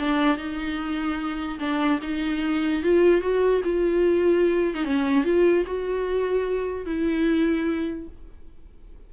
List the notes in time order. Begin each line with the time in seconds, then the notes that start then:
0.00 D4
0.38 D#4
1.60 D4
2.02 D#4
2.84 F4
3.21 F#4
3.64 F4
4.75 D#4
4.85 C#4
5.24 F4
5.66 F#4
6.86 E4